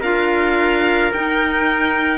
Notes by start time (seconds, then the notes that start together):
0.00 D4 F4 A#4 F5
1.13 D#4 G5